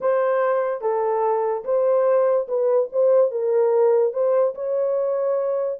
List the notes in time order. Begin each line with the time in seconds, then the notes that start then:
0.00 C5
0.81 A4
1.64 C5
2.48 B4
2.92 C5
3.31 A#4
4.13 C5
4.54 C#5